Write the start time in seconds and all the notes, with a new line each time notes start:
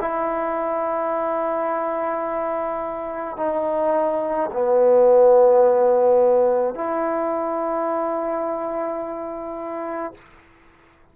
0.00 E4
3.37 D#4
4.52 B3
6.75 E4